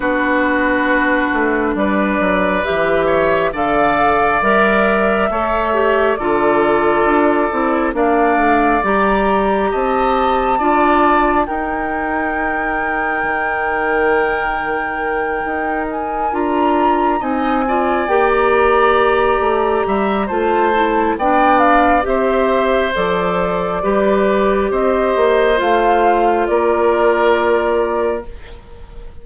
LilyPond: <<
  \new Staff \with { instrumentName = "flute" } { \time 4/4 \tempo 4 = 68 b'2 d''4 e''4 | f''4 e''2 d''4~ | d''4 f''4 ais''4 a''4~ | a''4 g''2.~ |
g''2 gis''8 ais''4 gis''8~ | gis''8 g''16 ais''2~ ais''16 a''4 | g''8 f''8 e''4 d''2 | dis''4 f''4 d''2 | }
  \new Staff \with { instrumentName = "oboe" } { \time 4/4 fis'2 b'4. cis''8 | d''2 cis''4 a'4~ | a'4 d''2 dis''4 | d''4 ais'2.~ |
ais'2.~ ais'8 dis''8 | d''2~ d''8 e''8 c''4 | d''4 c''2 b'4 | c''2 ais'2 | }
  \new Staff \with { instrumentName = "clarinet" } { \time 4/4 d'2. g'4 | a'4 ais'4 a'8 g'8 f'4~ | f'8 e'8 d'4 g'2 | f'4 dis'2.~ |
dis'2~ dis'8 f'4 dis'8 | f'8 g'2~ g'8 f'8 e'8 | d'4 g'4 a'4 g'4~ | g'4 f'2. | }
  \new Staff \with { instrumentName = "bassoon" } { \time 4/4 b4. a8 g8 fis8 e4 | d4 g4 a4 d4 | d'8 c'8 ais8 a8 g4 c'4 | d'4 dis'2 dis4~ |
dis4. dis'4 d'4 c'8~ | c'8 ais4. a8 g8 a4 | b4 c'4 f4 g4 | c'8 ais8 a4 ais2 | }
>>